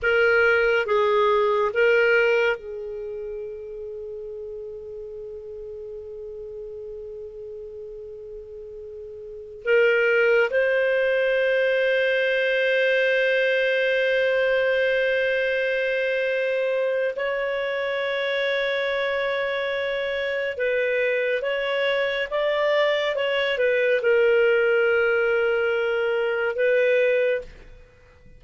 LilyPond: \new Staff \with { instrumentName = "clarinet" } { \time 4/4 \tempo 4 = 70 ais'4 gis'4 ais'4 gis'4~ | gis'1~ | gis'2.~ gis'16 ais'8.~ | ais'16 c''2.~ c''8.~ |
c''1 | cis''1 | b'4 cis''4 d''4 cis''8 b'8 | ais'2. b'4 | }